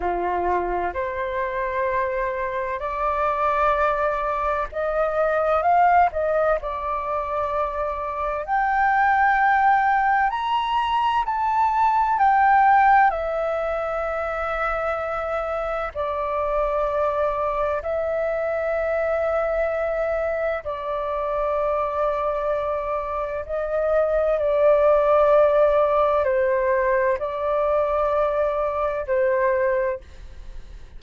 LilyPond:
\new Staff \with { instrumentName = "flute" } { \time 4/4 \tempo 4 = 64 f'4 c''2 d''4~ | d''4 dis''4 f''8 dis''8 d''4~ | d''4 g''2 ais''4 | a''4 g''4 e''2~ |
e''4 d''2 e''4~ | e''2 d''2~ | d''4 dis''4 d''2 | c''4 d''2 c''4 | }